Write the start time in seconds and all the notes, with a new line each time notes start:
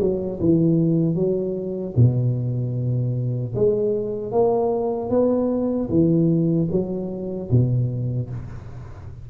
0.00 F#3
0.41 E3
1.15 F#3
1.96 B2
3.55 G#3
4.32 A#3
5.10 B3
5.90 E3
6.71 F#3
7.51 B2